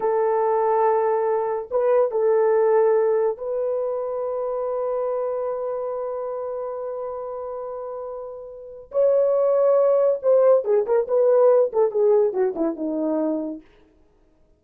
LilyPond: \new Staff \with { instrumentName = "horn" } { \time 4/4 \tempo 4 = 141 a'1 | b'4 a'2. | b'1~ | b'1~ |
b'1~ | b'4 cis''2. | c''4 gis'8 ais'8 b'4. a'8 | gis'4 fis'8 e'8 dis'2 | }